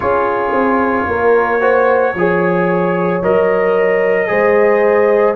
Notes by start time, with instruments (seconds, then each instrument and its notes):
0.00 tuba C#4, trombone F4, horn G#4, trumpet C#5
0.51 tuba C4
1.07 tuba A#3, horn A#4
1.60 trombone F#4, horn C5
2.14 tuba F3, trombone G#4, horn C#5
3.22 tuba F#3, trombone A#4, trumpet D#5
4.27 tuba G#3, trombone G#4, horn C5